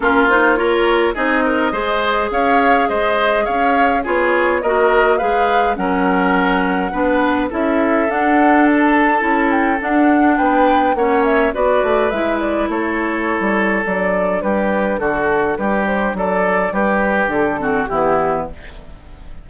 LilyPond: <<
  \new Staff \with { instrumentName = "flute" } { \time 4/4 \tempo 4 = 104 ais'8 c''8 cis''4 dis''2 | f''4 dis''4 f''4 cis''4 | dis''4 f''4 fis''2~ | fis''4 e''4 fis''4 a''4~ |
a''8 g''8 fis''4 g''4 fis''8 e''8 | d''4 e''8 d''8 cis''2 | d''4 b'4 a'4 b'8 c''8 | d''4 b'4 a'4 g'4 | }
  \new Staff \with { instrumentName = "oboe" } { \time 4/4 f'4 ais'4 gis'8 ais'8 c''4 | cis''4 c''4 cis''4 gis'4 | ais'4 b'4 ais'2 | b'4 a'2.~ |
a'2 b'4 cis''4 | b'2 a'2~ | a'4 g'4 fis'4 g'4 | a'4 g'4. fis'8 e'4 | }
  \new Staff \with { instrumentName = "clarinet" } { \time 4/4 cis'8 dis'8 f'4 dis'4 gis'4~ | gis'2. f'4 | fis'4 gis'4 cis'2 | d'4 e'4 d'2 |
e'4 d'2 cis'4 | fis'4 e'2. | d'1~ | d'2~ d'8 c'8 b4 | }
  \new Staff \with { instrumentName = "bassoon" } { \time 4/4 ais2 c'4 gis4 | cis'4 gis4 cis'4 b4 | ais4 gis4 fis2 | b4 cis'4 d'2 |
cis'4 d'4 b4 ais4 | b8 a8 gis4 a4~ a16 g8. | fis4 g4 d4 g4 | fis4 g4 d4 e4 | }
>>